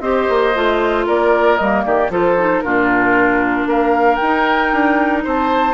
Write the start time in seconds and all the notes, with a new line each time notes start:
0.00 C4 G4 C5 D#5
0.29 A#3
0.55 A3 F4
1.06 A#3 A#4 D5
1.57 G3 A#3 D#5
1.85 D#3 G4 D5
2.09 F3 F4 A4 C5
2.38 D#4
2.61 A#2 D4 F4 A#4
3.66 A#3 A#4 F5
4.15 G5
4.22 D#4
4.73 D4
5.24 C4 C5 A5